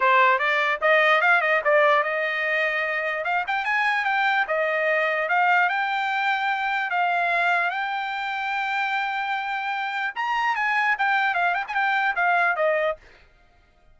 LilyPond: \new Staff \with { instrumentName = "trumpet" } { \time 4/4 \tempo 4 = 148 c''4 d''4 dis''4 f''8 dis''8 | d''4 dis''2. | f''8 g''8 gis''4 g''4 dis''4~ | dis''4 f''4 g''2~ |
g''4 f''2 g''4~ | g''1~ | g''4 ais''4 gis''4 g''4 | f''8 g''16 gis''16 g''4 f''4 dis''4 | }